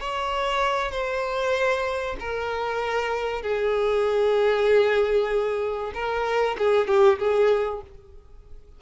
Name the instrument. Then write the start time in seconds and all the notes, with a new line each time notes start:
violin
0.00 C#5
0.91 C5
2.20 A#4
3.42 G#4
5.94 A#4
6.58 G#4
6.87 G4
7.19 G#4